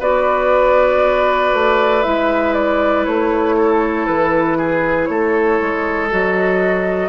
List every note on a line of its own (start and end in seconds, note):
0.00 1.53 B3
0.00 2.03 F#4
0.00 3.56 B4
0.00 2.03 D5
1.54 2.04 A3
2.03 3.07 G#3
2.03 6.10 E4
2.03 2.54 E5
2.54 3.05 D5
3.05 4.08 A3
3.05 4.07 C#5
3.58 4.58 A4
4.07 5.09 E3
4.07 5.06 B4
4.58 5.09 G#4
5.06 5.60 A3
5.06 7.10 A4
5.06 6.07 C#5
5.61 6.12 G#3
6.11 7.10 F#3
6.11 7.10 F#4
6.11 7.10 D#5